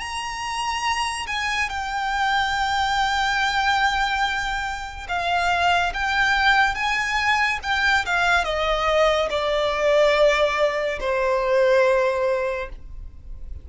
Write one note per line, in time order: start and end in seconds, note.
0.00 1.27 A#5
1.28 1.70 G#5
1.70 5.08 G5
5.09 5.93 F5
5.94 6.75 G5
6.75 7.60 G#5
7.63 8.06 G5
8.06 8.45 F5
8.45 9.29 D#5
9.31 11.00 D5
11.01 12.70 C5